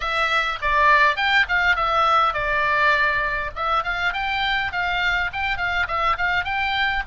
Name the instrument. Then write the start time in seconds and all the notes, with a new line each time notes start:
oboe
0.00 E5
0.61 D5
1.16 G5
1.48 F5
1.76 E5
2.33 D5
3.55 E5
3.83 F5
4.13 G5
4.72 F5
5.32 G5
5.57 F5
5.87 E5
6.17 F5
6.44 G5